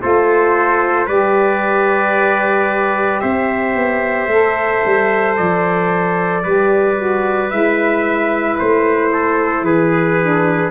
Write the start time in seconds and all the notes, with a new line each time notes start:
0.00 A3 F4 A4 C5
1.06 G3 G4 B4 D5
3.21 C4 C5 E5
3.75 B3
4.27 A3 A4
4.86 G3
5.37 F3 D5
6.44 G3 G4 B4
6.97 F#4
7.50 G#3 E4 E5
8.59 A3 C5
9.13 A4
9.62 E3 G#4 B4
10.21 D4